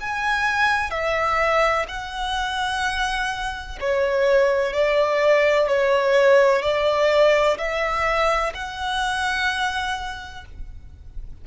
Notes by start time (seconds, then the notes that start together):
0.00 G#5
0.90 E5
1.88 F#5
3.81 C#5
4.73 D5
5.68 C#5
6.62 D5
7.58 E5
8.55 F#5